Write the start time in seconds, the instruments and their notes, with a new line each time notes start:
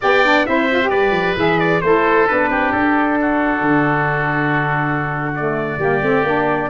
0.00 tuba B3, saxophone G4, oboe D5, trumpet G5
0.24 saxophone D4
0.46 tuba C4, saxophone E4, oboe C5, trumpet E5
0.71 saxophone F4
0.81 saxophone G4
0.89 tuba G3, oboe B4, trumpet D5
1.11 tuba F3
1.36 tuba E3, saxophone G#4, trumpet E5
1.59 trumpet D5
1.81 tuba A3, saxophone E4, oboe A4, trumpet C5
2.27 tuba B3, saxophone D4, trumpet B4
2.49 tuba C4, oboe G4
2.72 tuba D4, trumpet A4
3.21 oboe F#4
3.61 tuba D3
5.34 saxophone A3, trumpet D5
5.78 tuba G3, saxophone A#3, oboe G4
6.01 tuba A3, saxophone C4
6.23 tuba A#3, saxophone D4